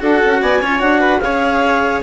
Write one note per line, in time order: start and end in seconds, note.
0.00 0.21 D4
0.00 0.60 F#4
0.00 0.42 A4
0.00 0.43 F#5
0.25 0.42 C#4
0.42 0.62 B3
0.42 0.60 D5
0.42 0.81 G#5
0.60 0.82 C#4
0.60 0.79 F4
0.60 1.00 C#5
0.79 1.21 D4
0.79 1.20 F#4
0.79 1.21 F#5
1.00 1.20 B4
1.21 2.02 C#4
1.21 2.03 G#4
1.21 2.03 C#5
1.21 2.01 F5